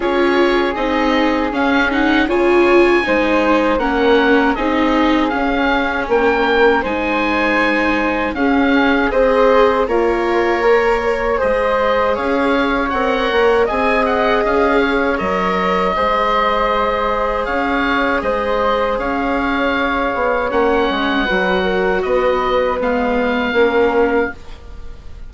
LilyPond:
<<
  \new Staff \with { instrumentName = "oboe" } { \time 4/4 \tempo 4 = 79 cis''4 dis''4 f''8 fis''8 gis''4~ | gis''4 fis''4 dis''4 f''4 | g''4 gis''2 f''4 | dis''4 cis''2 dis''4 |
f''4 fis''4 gis''8 fis''8 f''4 | dis''2. f''4 | dis''4 f''2 fis''4~ | fis''4 dis''4 f''2 | }
  \new Staff \with { instrumentName = "flute" } { \time 4/4 gis'2. cis''4 | c''4 ais'4 gis'2 | ais'4 c''2 gis'4 | c''4 f'4 ais'8 cis''8 c''4 |
cis''2 dis''4. cis''8~ | cis''4 c''2 cis''4 | c''4 cis''2. | b'8 ais'8 b'2 ais'4 | }
  \new Staff \with { instrumentName = "viola" } { \time 4/4 f'4 dis'4 cis'8 dis'8 f'4 | dis'4 cis'4 dis'4 cis'4~ | cis'4 dis'2 cis'4 | gis'4 ais'2 gis'4~ |
gis'4 ais'4 gis'2 | ais'4 gis'2.~ | gis'2. cis'4 | fis'2 b4 cis'4 | }
  \new Staff \with { instrumentName = "bassoon" } { \time 4/4 cis'4 c'4 cis'4 cis4 | gis4 ais4 c'4 cis'4 | ais4 gis2 cis'4 | c'4 ais2 gis4 |
cis'4 c'8 ais8 c'4 cis'4 | fis4 gis2 cis'4 | gis4 cis'4. b8 ais8 gis8 | fis4 b4 gis4 ais4 | }
>>